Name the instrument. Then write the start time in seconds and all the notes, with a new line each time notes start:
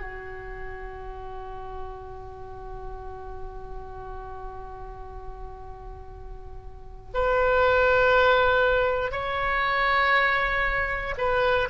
oboe
0.00 F#4
7.14 B4
9.11 C#5
11.17 B4